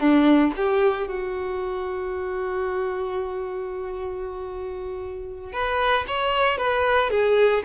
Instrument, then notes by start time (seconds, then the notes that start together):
violin
0.00 D4
0.56 G4
1.07 F#4
5.53 B4
6.07 C#5
6.58 B4
7.10 G#4